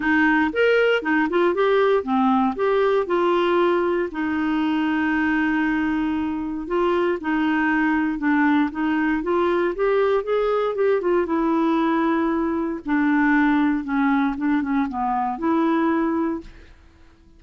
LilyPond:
\new Staff \with { instrumentName = "clarinet" } { \time 4/4 \tempo 4 = 117 dis'4 ais'4 dis'8 f'8 g'4 | c'4 g'4 f'2 | dis'1~ | dis'4 f'4 dis'2 |
d'4 dis'4 f'4 g'4 | gis'4 g'8 f'8 e'2~ | e'4 d'2 cis'4 | d'8 cis'8 b4 e'2 | }